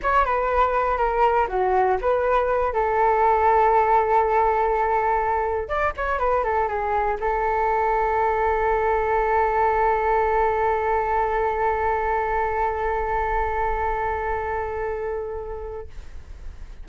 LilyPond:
\new Staff \with { instrumentName = "flute" } { \time 4/4 \tempo 4 = 121 cis''8 b'4. ais'4 fis'4 | b'4. a'2~ a'8~ | a'2.~ a'8 d''8 | cis''8 b'8 a'8 gis'4 a'4.~ |
a'1~ | a'1~ | a'1~ | a'1 | }